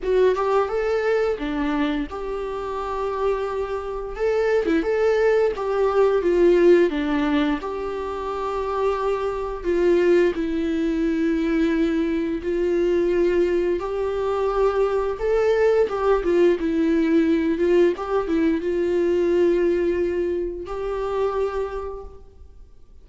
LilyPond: \new Staff \with { instrumentName = "viola" } { \time 4/4 \tempo 4 = 87 fis'8 g'8 a'4 d'4 g'4~ | g'2 a'8. e'16 a'4 | g'4 f'4 d'4 g'4~ | g'2 f'4 e'4~ |
e'2 f'2 | g'2 a'4 g'8 f'8 | e'4. f'8 g'8 e'8 f'4~ | f'2 g'2 | }